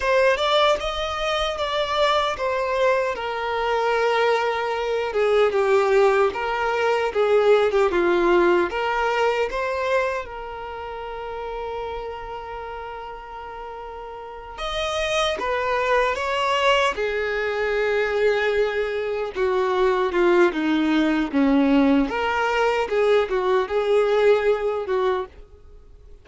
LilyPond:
\new Staff \with { instrumentName = "violin" } { \time 4/4 \tempo 4 = 76 c''8 d''8 dis''4 d''4 c''4 | ais'2~ ais'8 gis'8 g'4 | ais'4 gis'8. g'16 f'4 ais'4 | c''4 ais'2.~ |
ais'2~ ais'8 dis''4 b'8~ | b'8 cis''4 gis'2~ gis'8~ | gis'8 fis'4 f'8 dis'4 cis'4 | ais'4 gis'8 fis'8 gis'4. fis'8 | }